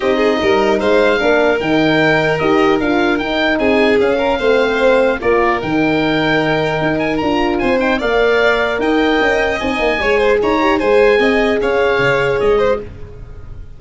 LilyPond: <<
  \new Staff \with { instrumentName = "oboe" } { \time 4/4 \tempo 4 = 150 dis''2 f''2 | g''2 dis''4 f''4 | g''4 gis''4 f''2~ | f''4 d''4 g''2~ |
g''4. gis''8 ais''4 gis''8 g''8 | f''2 g''2 | gis''2 ais''4 gis''4~ | gis''4 f''2 dis''4 | }
  \new Staff \with { instrumentName = "violin" } { \time 4/4 g'8 gis'8 ais'4 c''4 ais'4~ | ais'1~ | ais'4 gis'4. ais'8 c''4~ | c''4 ais'2.~ |
ais'2. c''4 | d''2 dis''2~ | dis''4 cis''8 c''8 cis''4 c''4 | dis''4 cis''2~ cis''8 c''8 | }
  \new Staff \with { instrumentName = "horn" } { \time 4/4 dis'2. d'4 | dis'2 g'4 f'4 | dis'2 cis'4 c'4~ | c'4 f'4 dis'2~ |
dis'2 f'4. dis'8 | ais'1 | dis'4 gis'4. g'8 gis'4~ | gis'2.~ gis'8. fis'16 | }
  \new Staff \with { instrumentName = "tuba" } { \time 4/4 c'4 g4 gis4 ais4 | dis2 dis'4 d'4 | dis'4 c'4 cis'4 a4~ | a4 ais4 dis2~ |
dis4 dis'4 d'4 c'4 | ais2 dis'4 cis'4 | c'8 ais8 gis4 dis'4 gis4 | c'4 cis'4 cis4 gis4 | }
>>